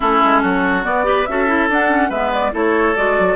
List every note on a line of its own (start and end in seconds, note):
0.00 0.23 A3
0.00 0.84 C#4
0.00 0.42 E4
0.00 0.83 A4
0.24 0.43 G#3
0.42 0.85 F#3
0.42 1.05 F#4
0.83 1.04 B3
0.83 1.27 B3
0.83 1.25 D5
1.04 1.25 G4
1.04 1.27 B4
1.25 1.69 C#4
1.25 1.47 F#4
1.25 2.09 A4
1.25 1.68 E5
1.47 1.68 E4
1.69 2.10 D4
1.69 1.88 D4
1.69 2.11 F#5
1.88 2.10 C#4
2.09 2.52 G#3
2.09 2.52 B3
2.09 2.51 B4
2.09 2.32 E5
2.32 2.54 D5
2.52 2.95 A3
2.52 2.94 E4
2.52 3.36 A4
2.52 2.96 C#5
2.95 3.18 G#3
2.95 3.36 F#4
2.95 3.36 D5
3.18 3.36 F#3